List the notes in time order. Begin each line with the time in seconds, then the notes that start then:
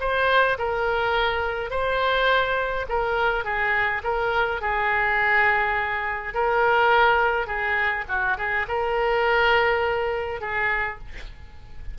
0.00 C5
0.58 A#4
1.71 C5
2.89 A#4
3.45 G#4
4.04 A#4
4.62 G#4
6.34 A#4
7.47 G#4
8.08 F#4
8.38 G#4
8.68 A#4
10.41 G#4